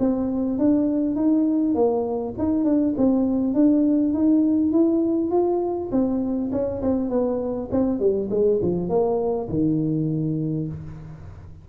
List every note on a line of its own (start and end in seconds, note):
0.00 0.59 C4
0.59 1.16 D4
1.16 1.75 D#4
1.75 2.34 A#3
2.39 2.65 D#4
2.65 2.95 D4
2.98 3.55 C4
3.55 4.14 D4
4.14 4.72 D#4
4.72 5.31 E4
5.31 5.91 F4
5.92 6.51 C4
6.52 6.82 C#4
6.82 7.10 C4
7.10 7.69 B3
7.71 8.00 C4
8.00 8.30 G3
8.31 8.60 G#3
8.62 8.89 F3
8.89 9.49 A#3
9.49 10.68 D#3